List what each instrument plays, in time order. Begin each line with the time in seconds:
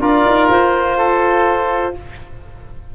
0.00 tuba D4, trombone F4, oboe A#4, clarinet D5
0.25 tuba D#4
0.50 tuba F4, clarinet C5
0.98 oboe A4